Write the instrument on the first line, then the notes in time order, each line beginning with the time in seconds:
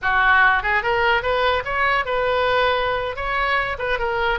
oboe
0.02 F#4
0.62 G#4
0.82 A#4
1.22 B4
1.64 C#5
2.05 B4
3.16 C#5
3.78 B4
3.98 A#4